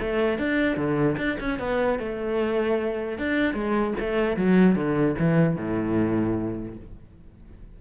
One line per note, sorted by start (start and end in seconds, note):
0.00 0.39 A3
0.39 0.77 D4
0.77 1.17 D3
1.17 1.37 D4
1.40 1.59 C#4
1.59 1.99 B3
1.99 3.18 A3
3.18 3.54 D4
3.54 3.94 G#3
4.00 4.37 A3
4.37 4.75 F#3
4.75 5.15 D3
5.19 5.56 E3
5.56 6.76 A2